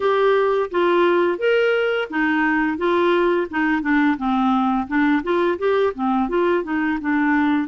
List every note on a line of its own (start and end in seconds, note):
0.00 0.70 G4
0.70 1.38 F4
1.38 2.08 A#4
2.09 2.77 D#4
2.77 3.47 F4
3.50 3.82 D#4
3.82 4.17 D4
4.17 4.87 C4
4.87 5.22 D4
5.23 5.58 F4
5.58 5.93 G4
5.94 6.28 C4
6.28 6.63 F4
6.63 6.98 D#4
7.00 7.67 D4